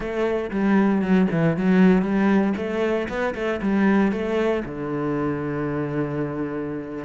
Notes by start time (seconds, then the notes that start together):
0.00 A3
0.50 G3
1.01 F#3
1.31 E3
1.56 F#3
2.02 G3
2.56 A3
3.08 B3
3.34 A3
3.62 G3
4.12 A3
4.65 D3